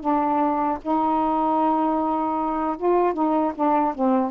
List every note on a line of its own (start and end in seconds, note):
0.00 0.78 D4
0.82 2.77 D#4
2.77 3.13 F4
3.13 3.52 D#4
3.55 3.94 D4
3.95 4.30 C4